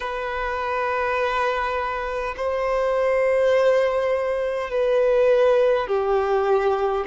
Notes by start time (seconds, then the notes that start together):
0.00 B4
2.36 C5
4.70 B4
5.87 G4